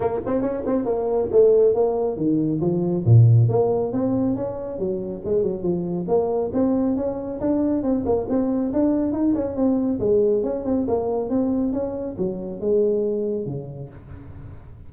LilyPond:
\new Staff \with { instrumentName = "tuba" } { \time 4/4 \tempo 4 = 138 ais8 c'8 cis'8 c'8 ais4 a4 | ais4 dis4 f4 ais,4 | ais4 c'4 cis'4 fis4 | gis8 fis8 f4 ais4 c'4 |
cis'4 d'4 c'8 ais8 c'4 | d'4 dis'8 cis'8 c'4 gis4 | cis'8 c'8 ais4 c'4 cis'4 | fis4 gis2 cis4 | }